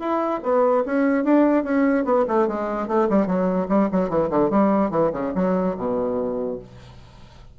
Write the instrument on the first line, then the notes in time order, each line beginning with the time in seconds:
bassoon
0.00 E4
0.43 B3
0.86 C#4
1.25 D4
1.64 C#4
2.05 B3
2.28 A3
2.48 G#3
2.88 A3
3.10 G3
3.27 F#3
3.69 G3
3.92 F#3
4.10 E3
4.31 D3
4.51 G3
4.91 E3
5.13 C#3
5.35 F#3
5.78 B2